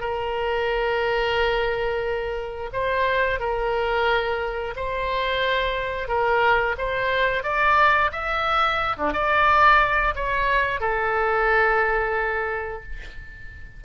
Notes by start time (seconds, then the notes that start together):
0.00 A#4
2.72 C5
3.39 A#4
4.76 C5
6.08 A#4
6.78 C5
7.43 D5
8.11 E5
8.97 D4
9.13 D5
10.15 C#5
10.80 A4